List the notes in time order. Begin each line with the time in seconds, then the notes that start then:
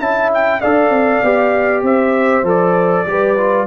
0.00 C#4 E4 E5 A5
0.34 G5
0.61 D4 A4 D5 F5
0.90 C4
1.24 B3 G4
1.83 C4 C5 E5
2.43 F3 A4 D5
3.07 G3 G4 B4
3.38 F4